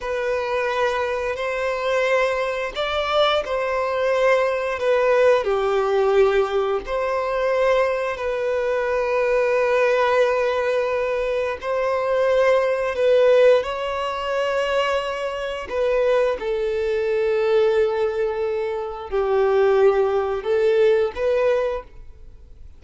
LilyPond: \new Staff \with { instrumentName = "violin" } { \time 4/4 \tempo 4 = 88 b'2 c''2 | d''4 c''2 b'4 | g'2 c''2 | b'1~ |
b'4 c''2 b'4 | cis''2. b'4 | a'1 | g'2 a'4 b'4 | }